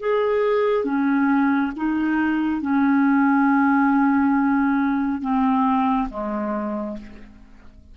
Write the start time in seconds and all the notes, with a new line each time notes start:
0.00 G#4
0.85 C#4
1.76 D#4
2.62 C#4
5.22 C4
6.10 G#3